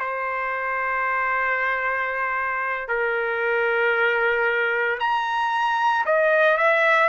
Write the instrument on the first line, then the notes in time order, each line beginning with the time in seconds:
trumpet
0.00 C5
2.89 A#4
5.00 A#5
6.06 D#5
6.58 E5